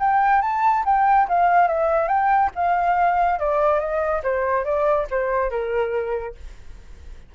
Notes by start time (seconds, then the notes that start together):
0.00 G5
0.42 A5
0.86 G5
1.29 F5
1.68 E5
2.09 G5
2.56 F5
3.40 D5
3.80 D#5
4.23 C5
4.65 D5
5.11 C5
5.51 A#4